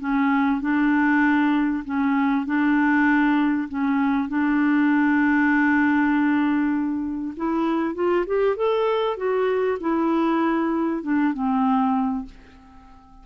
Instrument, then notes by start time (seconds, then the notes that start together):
clarinet
0.00 C#4
0.61 D4
1.85 C#4
2.45 D4
3.69 C#4
4.29 D4
7.37 E4
7.95 F4
8.27 G4
8.56 A4
9.17 F#4
9.80 E4
11.03 D4
11.33 C4